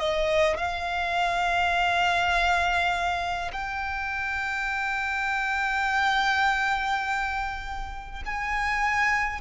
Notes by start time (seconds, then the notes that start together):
0.00 D#5
0.57 F5
3.53 G5
8.26 G#5